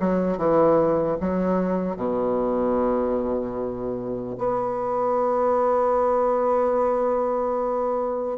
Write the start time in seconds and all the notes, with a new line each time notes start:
0.00 F#3
0.37 E3
1.21 F#3
1.97 B2
4.38 B3